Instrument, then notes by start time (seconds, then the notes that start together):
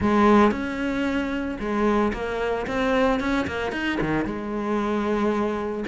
cello
0.00 G#3
0.51 C#4
1.59 G#3
2.13 A#3
2.66 C4
3.20 C#4
3.47 A#3
3.72 D#4
4.00 D#3
4.25 G#3